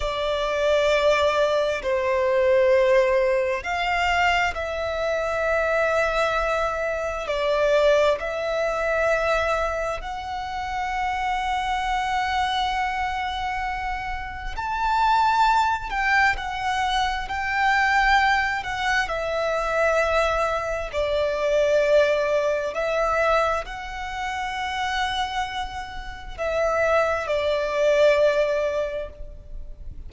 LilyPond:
\new Staff \with { instrumentName = "violin" } { \time 4/4 \tempo 4 = 66 d''2 c''2 | f''4 e''2. | d''4 e''2 fis''4~ | fis''1 |
a''4. g''8 fis''4 g''4~ | g''8 fis''8 e''2 d''4~ | d''4 e''4 fis''2~ | fis''4 e''4 d''2 | }